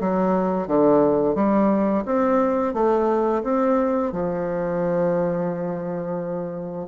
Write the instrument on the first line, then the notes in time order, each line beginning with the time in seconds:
bassoon
0.00 F#3
0.67 D3
1.35 G3
2.05 C4
2.74 A3
3.43 C4
4.12 F3